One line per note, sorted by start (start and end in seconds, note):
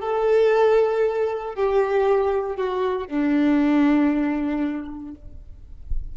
0.00 1.55 A4
1.55 2.56 G4
2.56 3.07 F#4
3.07 5.14 D4